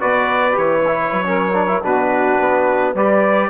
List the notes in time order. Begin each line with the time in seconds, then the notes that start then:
0.00 B2 F#4 B4 D5
0.52 E3 G4 C#5
0.87 E4
1.12 F#3
1.24 C#4 A#4
1.54 D4
1.68 E4
1.82 B2 D4 F#4 B4
2.40 B3
2.93 G3 G4 B4 D5